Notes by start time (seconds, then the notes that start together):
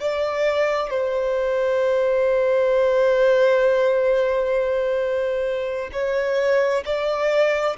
0.00 D5
0.90 C5
5.93 C#5
6.85 D5